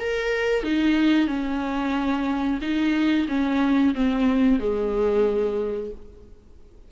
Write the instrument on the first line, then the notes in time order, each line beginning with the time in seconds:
viola
0.00 A#4
0.64 D#4
1.27 C#4
2.61 D#4
3.28 C#4
3.95 C4
4.59 G#3